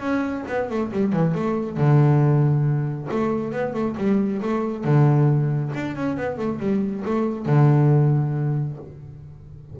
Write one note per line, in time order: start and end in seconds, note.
0.00 0.44 C#4
0.48 0.70 B3
0.70 0.92 A3
0.92 1.13 G3
1.13 1.35 E3
1.35 1.77 A3
1.77 3.09 D3
3.11 3.53 A3
3.53 3.74 B3
3.74 3.96 A3
3.98 4.42 G3
4.42 4.85 A3
4.85 5.72 D3
5.75 5.96 D4
5.96 6.18 C#4
6.18 6.38 B3
6.38 6.60 A3
6.60 7.04 G3
7.05 7.46 A3
7.46 8.78 D3